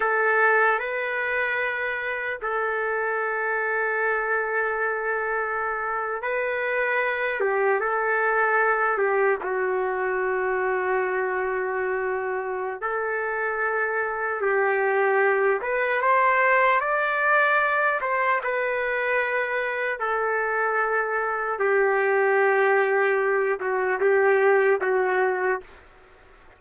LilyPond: \new Staff \with { instrumentName = "trumpet" } { \time 4/4 \tempo 4 = 75 a'4 b'2 a'4~ | a'2.~ a'8. b'16~ | b'4~ b'16 g'8 a'4. g'8 fis'16~ | fis'1 |
a'2 g'4. b'8 | c''4 d''4. c''8 b'4~ | b'4 a'2 g'4~ | g'4. fis'8 g'4 fis'4 | }